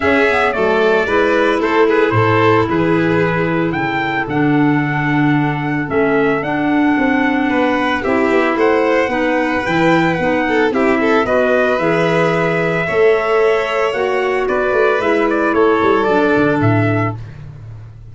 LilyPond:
<<
  \new Staff \with { instrumentName = "trumpet" } { \time 4/4 \tempo 4 = 112 e''4 d''2 c''8 b'8 | c''4 b'2 g''4 | fis''2. e''4 | fis''2. e''4 |
fis''2 g''4 fis''4 | e''4 dis''4 e''2~ | e''2 fis''4 d''4 | e''8 d''8 cis''4 d''4 e''4 | }
  \new Staff \with { instrumentName = "violin" } { \time 4/4 gis'4 a'4 b'4 a'8 gis'8 | a'4 gis'2 a'4~ | a'1~ | a'2 b'4 g'4 |
c''4 b'2~ b'8 a'8 | g'8 a'8 b'2. | cis''2. b'4~ | b'4 a'2. | }
  \new Staff \with { instrumentName = "clarinet" } { \time 4/4 cis'8 b8 a4 e'2~ | e'1 | d'2. cis'4 | d'2. e'4~ |
e'4 dis'4 e'4 dis'4 | e'4 fis'4 gis'2 | a'2 fis'2 | e'2 d'2 | }
  \new Staff \with { instrumentName = "tuba" } { \time 4/4 cis'4 fis4 gis4 a4 | a,4 e2 cis4 | d2. a4 | d'4 c'4 b4 c'8 b8 |
a4 b4 e4 b4 | c'4 b4 e2 | a2 ais4 b8 a8 | gis4 a8 g8 fis8 d8 a,4 | }
>>